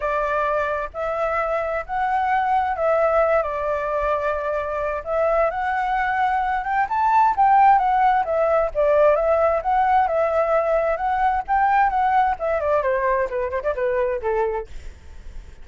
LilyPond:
\new Staff \with { instrumentName = "flute" } { \time 4/4 \tempo 4 = 131 d''2 e''2 | fis''2 e''4. d''8~ | d''2. e''4 | fis''2~ fis''8 g''8 a''4 |
g''4 fis''4 e''4 d''4 | e''4 fis''4 e''2 | fis''4 g''4 fis''4 e''8 d''8 | c''4 b'8 c''16 d''16 b'4 a'4 | }